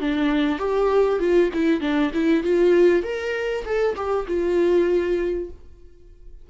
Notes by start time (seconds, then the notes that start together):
0.00 D4
0.58 G4
1.19 F4
1.53 E4
1.80 D4
2.13 E4
2.43 F4
3.03 A#4
3.65 A4
3.95 G4
4.27 F4